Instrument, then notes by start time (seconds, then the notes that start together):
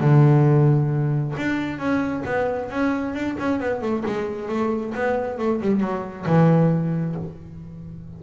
double bass
0.00 D3
1.37 D4
1.78 C#4
2.25 B3
2.70 C#4
3.14 D4
3.39 C#4
3.59 B3
3.81 A3
4.06 G#3
4.49 A3
4.94 B3
5.38 A3
5.61 G3
5.80 F#3
6.25 E3